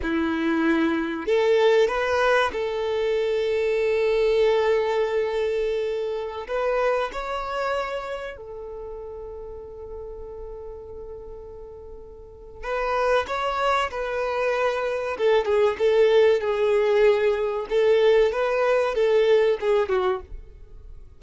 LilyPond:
\new Staff \with { instrumentName = "violin" } { \time 4/4 \tempo 4 = 95 e'2 a'4 b'4 | a'1~ | a'2~ a'16 b'4 cis''8.~ | cis''4~ cis''16 a'2~ a'8.~ |
a'1 | b'4 cis''4 b'2 | a'8 gis'8 a'4 gis'2 | a'4 b'4 a'4 gis'8 fis'8 | }